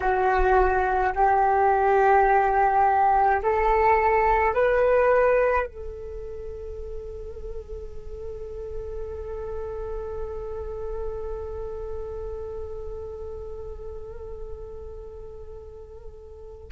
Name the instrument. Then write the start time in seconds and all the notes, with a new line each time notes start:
flute
0.00 F#4
1.15 G4
3.43 A4
4.53 B4
5.66 A4